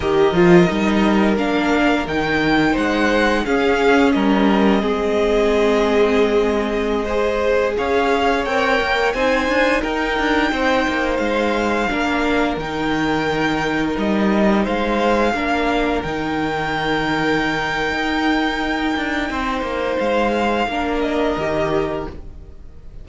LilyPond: <<
  \new Staff \with { instrumentName = "violin" } { \time 4/4 \tempo 4 = 87 dis''2 f''4 g''4 | fis''4 f''4 dis''2~ | dis''2.~ dis''16 f''8.~ | f''16 g''4 gis''4 g''4.~ g''16~ |
g''16 f''2 g''4.~ g''16~ | g''16 dis''4 f''2 g''8.~ | g''1~ | g''4 f''4. dis''4. | }
  \new Staff \with { instrumentName = "violin" } { \time 4/4 ais'1 | c''4 gis'4 ais'4 gis'4~ | gis'2~ gis'16 c''4 cis''8.~ | cis''4~ cis''16 c''4 ais'4 c''8.~ |
c''4~ c''16 ais'2~ ais'8.~ | ais'4~ ais'16 c''4 ais'4.~ ais'16~ | ais'1 | c''2 ais'2 | }
  \new Staff \with { instrumentName = "viola" } { \time 4/4 g'8 f'8 dis'4 d'4 dis'4~ | dis'4 cis'2 c'4~ | c'2~ c'16 gis'4.~ gis'16~ | gis'16 ais'4 dis'2~ dis'8.~ |
dis'4~ dis'16 d'4 dis'4.~ dis'16~ | dis'2~ dis'16 d'4 dis'8.~ | dis'1~ | dis'2 d'4 g'4 | }
  \new Staff \with { instrumentName = "cello" } { \time 4/4 dis8 f8 g4 ais4 dis4 | gis4 cis'4 g4 gis4~ | gis2.~ gis16 cis'8.~ | cis'16 c'8 ais8 c'8 d'8 dis'8 d'8 c'8 ais16~ |
ais16 gis4 ais4 dis4.~ dis16~ | dis16 g4 gis4 ais4 dis8.~ | dis2 dis'4. d'8 | c'8 ais8 gis4 ais4 dis4 | }
>>